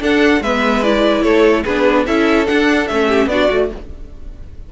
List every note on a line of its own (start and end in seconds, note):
0.00 0.40 D4
0.00 0.41 D4
0.00 0.42 A4
0.00 0.42 F#5
0.40 1.22 G#3
0.40 0.83 B3
0.40 1.22 B4
0.40 0.83 E5
0.83 1.65 E4
0.83 1.22 D5
1.22 1.64 A3
1.22 1.63 A4
1.22 1.63 C#5
1.63 2.07 B3
1.63 2.07 D4
1.63 2.05 G#4
1.63 2.05 B4
2.06 2.48 C#4
2.06 2.46 E4
2.06 3.08 A4
2.06 2.47 E5
2.46 2.87 D4
2.46 2.90 D4
2.46 2.87 F#5
2.87 3.26 A3
2.87 3.30 C#4
2.87 3.28 E5
3.08 3.28 G4
3.26 3.47 B3
3.26 3.50 D4
3.26 3.72 F#4
3.26 3.69 D5
3.50 3.71 A3
3.50 3.70 F#4